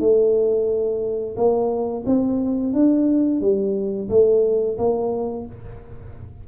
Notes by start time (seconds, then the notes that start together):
0.00 A3
1.37 A#3
2.07 C4
2.74 D4
3.41 G3
4.10 A3
4.79 A#3